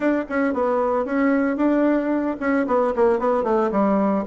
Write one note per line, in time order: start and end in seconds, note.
0.00 0.24 D4
0.29 0.53 C#4
0.53 1.05 B3
1.05 1.56 C#4
1.56 2.36 D4
2.40 2.66 C#4
2.67 2.93 B3
2.95 3.19 A#3
3.19 3.43 B3
3.43 3.70 A3
3.71 4.25 G3